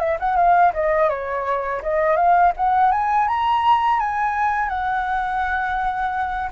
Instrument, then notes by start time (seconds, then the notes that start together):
flute
0.00 E5
0.20 F#5
0.37 F5
0.74 D#5
1.10 C#5
1.83 D#5
2.17 F5
2.57 F#5
2.92 G#5
3.28 A#5
4.00 G#5
4.69 F#5